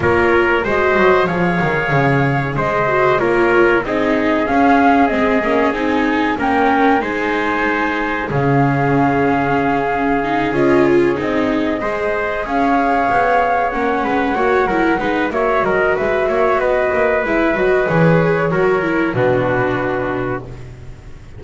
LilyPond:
<<
  \new Staff \with { instrumentName = "flute" } { \time 4/4 \tempo 4 = 94 cis''4 dis''4 f''2 | dis''4 cis''4 dis''4 f''4 | dis''4 gis''4 g''4 gis''4~ | gis''4 f''2.~ |
f''8 dis''8 cis''8 dis''2 f''8~ | f''4. fis''2~ fis''8 | e''8 dis''8 e''4 dis''4 e''8 dis''8 | cis''2 b'2 | }
  \new Staff \with { instrumentName = "trumpet" } { \time 4/4 ais'4 c''4 cis''2 | c''4 ais'4 gis'2~ | gis'2 ais'4 c''4~ | c''4 gis'2.~ |
gis'2~ gis'8 c''4 cis''8~ | cis''2 b'8 cis''8 ais'8 b'8 | cis''8 ais'8 b'8 cis''8 b'2~ | b'4 ais'4 fis'2 | }
  \new Staff \with { instrumentName = "viola" } { \time 4/4 f'4 fis'4 gis'2~ | gis'8 fis'8 f'4 dis'4 cis'4 | c'8 cis'8 dis'4 cis'4 dis'4~ | dis'4 cis'2. |
dis'8 f'4 dis'4 gis'4.~ | gis'4. cis'4 fis'8 e'8 dis'8 | fis'2. e'8 fis'8 | gis'4 fis'8 e'8 d'2 | }
  \new Staff \with { instrumentName = "double bass" } { \time 4/4 ais4 gis8 fis8 f8 dis8 cis4 | gis4 ais4 c'4 cis'4 | gis8 ais8 c'4 ais4 gis4~ | gis4 cis2.~ |
cis8 cis'4 c'4 gis4 cis'8~ | cis'8 b4 ais8 gis8 ais8 fis8 gis8 | ais8 fis8 gis8 ais8 b8 ais8 gis8 fis8 | e4 fis4 b,2 | }
>>